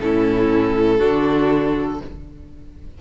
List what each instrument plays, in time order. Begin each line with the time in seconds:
0.00 cello A2, viola C#4, violin E4 A4
0.98 cello D3, viola D4, violin F#4